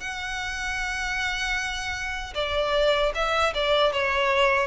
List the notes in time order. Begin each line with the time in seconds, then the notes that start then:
0.00 F#5
2.35 D5
3.15 E5
3.54 D5
3.92 C#5